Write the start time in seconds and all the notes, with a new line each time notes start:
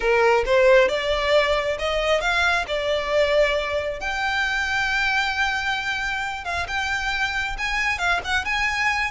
0.00 A#4
0.45 C5
0.88 D5
1.78 D#5
2.21 F5
2.67 D5
4.00 G5
6.44 F5
6.67 G5
7.58 G#5
7.98 F5
8.24 F#5
8.44 G#5